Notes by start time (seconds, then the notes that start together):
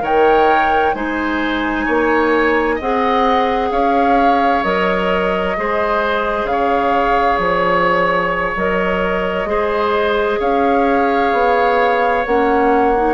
0.00 D#3 A#4 C#5 G5
0.94 G#3 D#4 C5 G#5
1.86 A#3 C#5
2.76 C4 G#4 D#5 F#5
3.72 C#4 C#5 F5
4.64 F#3 A#4 D#5
5.57 G#3 G#4 C5
6.44 C#3 F5
6.51 C#5
7.39 F3 C#5
8.56 F#3 A#4 D#5
9.46 G#3 G#4 C5
10.40 C#4 C#5 F5
11.33 B3
12.26 A#3 C#4 F#5
12.97 D#4